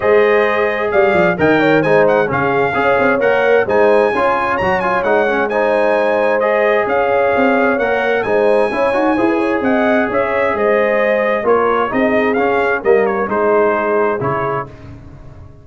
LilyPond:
<<
  \new Staff \with { instrumentName = "trumpet" } { \time 4/4 \tempo 4 = 131 dis''2 f''4 g''4 | gis''8 fis''8 f''2 fis''4 | gis''2 ais''8 gis''8 fis''4 | gis''2 dis''4 f''4~ |
f''4 fis''4 gis''2~ | gis''4 fis''4 e''4 dis''4~ | dis''4 cis''4 dis''4 f''4 | dis''8 cis''8 c''2 cis''4 | }
  \new Staff \with { instrumentName = "horn" } { \time 4/4 c''2 d''4 dis''8 cis''8 | c''4 gis'4 cis''2 | c''4 cis''2. | c''2. cis''4~ |
cis''2 c''4 cis''4 | c''16 b'16 cis''8 dis''4 cis''4 c''4~ | c''4 ais'4 gis'2 | ais'4 gis'2. | }
  \new Staff \with { instrumentName = "trombone" } { \time 4/4 gis'2. ais'4 | dis'4 cis'4 gis'4 ais'4 | dis'4 f'4 fis'8 f'8 dis'8 cis'8 | dis'2 gis'2~ |
gis'4 ais'4 dis'4 e'8 fis'8 | gis'1~ | gis'4 f'4 dis'4 cis'4 | ais4 dis'2 e'4 | }
  \new Staff \with { instrumentName = "tuba" } { \time 4/4 gis2 g8 f8 dis4 | gis4 cis4 cis'8 c'8 ais4 | gis4 cis'4 fis4 gis4~ | gis2. cis'4 |
c'4 ais4 gis4 cis'8 dis'8 | e'4 c'4 cis'4 gis4~ | gis4 ais4 c'4 cis'4 | g4 gis2 cis4 | }
>>